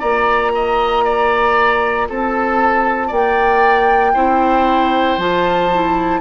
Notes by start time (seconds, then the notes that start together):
0.00 A#3 F4 D5 A#5
0.55 D#5
1.05 D5
2.09 C4 A4 A5
3.08 A#3 D5 G5
4.14 C4 E4 C5
5.18 F3 F4 A5
5.74 E4